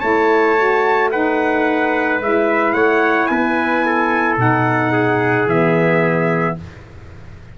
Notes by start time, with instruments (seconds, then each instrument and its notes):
0.00 tuba A3, saxophone E4, trumpet C#5 A5
0.57 saxophone F#4
1.12 saxophone D#4, trumpet B4 F#5
2.20 tuba G#3, saxophone E4, trumpet E5
2.73 tuba A3, trumpet C#5 F#5
3.27 tuba B3, trumpet B4 G#5
3.86 trumpet A4
4.37 tuba B2, saxophone D#4, trumpet F#5
4.92 trumpet G#4
5.46 tuba E3, saxophone B3, trumpet E5